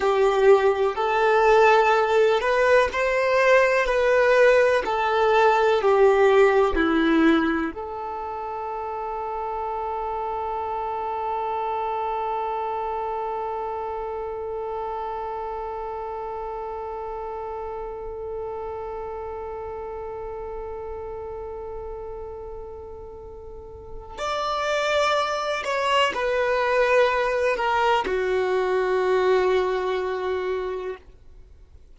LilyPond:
\new Staff \with { instrumentName = "violin" } { \time 4/4 \tempo 4 = 62 g'4 a'4. b'8 c''4 | b'4 a'4 g'4 e'4 | a'1~ | a'1~ |
a'1~ | a'1~ | a'4 d''4. cis''8 b'4~ | b'8 ais'8 fis'2. | }